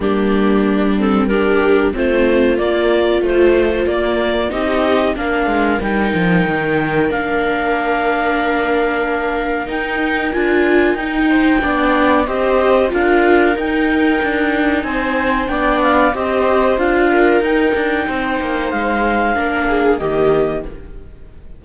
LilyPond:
<<
  \new Staff \with { instrumentName = "clarinet" } { \time 4/4 \tempo 4 = 93 g'4. a'8 ais'4 c''4 | d''4 c''4 d''4 dis''4 | f''4 g''2 f''4~ | f''2. g''4 |
gis''4 g''2 dis''4 | f''4 g''2 gis''4 | g''8 f''8 dis''4 f''4 g''4~ | g''4 f''2 dis''4 | }
  \new Staff \with { instrumentName = "viola" } { \time 4/4 d'2 g'4 f'4~ | f'2. g'4 | ais'1~ | ais'1~ |
ais'4. c''8 d''4 c''4 | ais'2. c''4 | d''4 c''4. ais'4. | c''2 ais'8 gis'8 g'4 | }
  \new Staff \with { instrumentName = "viola" } { \time 4/4 ais4. c'8 d'4 c'4 | ais4 f4 ais4 dis'4 | d'4 dis'2 d'4~ | d'2. dis'4 |
f'4 dis'4 d'4 g'4 | f'4 dis'2. | d'4 g'4 f'4 dis'4~ | dis'2 d'4 ais4 | }
  \new Staff \with { instrumentName = "cello" } { \time 4/4 g2. a4 | ais4 a4 ais4 c'4 | ais8 gis8 g8 f8 dis4 ais4~ | ais2. dis'4 |
d'4 dis'4 b4 c'4 | d'4 dis'4 d'4 c'4 | b4 c'4 d'4 dis'8 d'8 | c'8 ais8 gis4 ais4 dis4 | }
>>